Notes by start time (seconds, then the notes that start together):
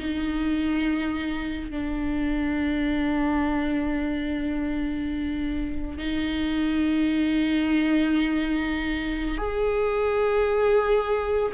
0.00 D#4
1.71 D4
5.98 D#4
9.38 G#4